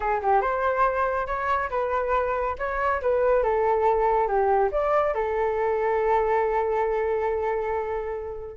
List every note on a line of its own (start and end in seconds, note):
0.00 0.21 G#4
0.22 0.41 G4
0.41 1.26 C5
1.26 1.69 C#5
1.70 2.55 B4
2.58 3.01 C#5
3.01 3.43 B4
3.43 4.27 A4
4.27 4.70 G4
4.71 5.14 D5
5.14 8.57 A4